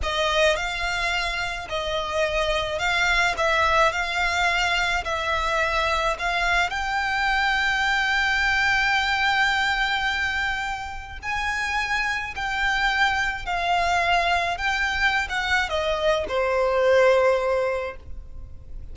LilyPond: \new Staff \with { instrumentName = "violin" } { \time 4/4 \tempo 4 = 107 dis''4 f''2 dis''4~ | dis''4 f''4 e''4 f''4~ | f''4 e''2 f''4 | g''1~ |
g''1 | gis''2 g''2 | f''2 g''4~ g''16 fis''8. | dis''4 c''2. | }